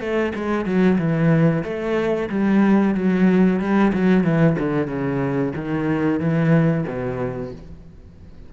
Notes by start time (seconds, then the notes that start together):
0.00 A3
0.35 G#3
0.65 F#3
0.98 E3
1.64 A3
2.29 G3
2.94 F#3
3.60 G3
3.93 F#3
4.24 E3
4.59 D3
4.87 C#3
5.56 D#3
6.20 E3
6.87 B2